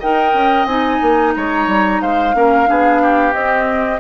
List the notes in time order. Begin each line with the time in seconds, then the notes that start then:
0.00 D#4 A#4 D#5 G5
0.34 C#4
0.65 C4 D#4 G#5
1.02 A#3
1.35 G#3 C#5 A#5
1.67 G3
2.02 G#3 C5 F5
2.35 A#3 C#4 A#4
2.66 B3 D4 G#4
3.02 G4
3.33 C4 D#5